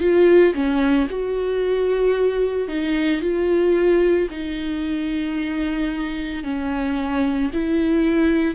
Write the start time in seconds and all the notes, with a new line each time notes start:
0.00 F4
0.54 C#4
1.10 F#4
2.68 D#4
3.21 F4
4.30 D#4
6.44 C#4
7.53 E4